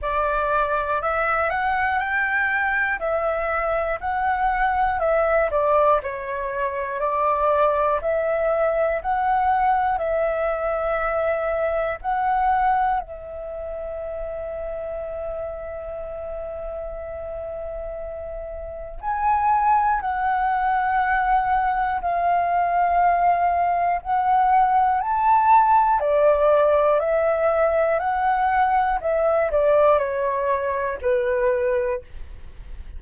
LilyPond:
\new Staff \with { instrumentName = "flute" } { \time 4/4 \tempo 4 = 60 d''4 e''8 fis''8 g''4 e''4 | fis''4 e''8 d''8 cis''4 d''4 | e''4 fis''4 e''2 | fis''4 e''2.~ |
e''2. gis''4 | fis''2 f''2 | fis''4 a''4 d''4 e''4 | fis''4 e''8 d''8 cis''4 b'4 | }